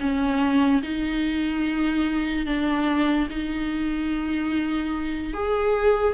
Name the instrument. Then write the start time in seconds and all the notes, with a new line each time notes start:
viola
0.00 C#4
0.83 D#4
2.46 D4
3.30 D#4
5.34 G#4